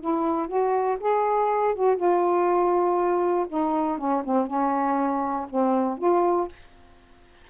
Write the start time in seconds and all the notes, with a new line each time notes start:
0.00 E4
0.47 F#4
0.99 G#4
1.74 F#4
1.96 F4
3.48 D#4
3.97 C#4
4.25 C4
4.46 C#4
5.49 C4
5.97 F4